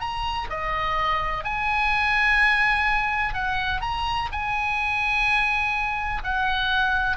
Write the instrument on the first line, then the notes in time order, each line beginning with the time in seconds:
oboe
0.00 A#5
0.49 D#5
1.44 G#5
3.34 F#5
3.81 A#5
4.32 G#5
6.23 F#5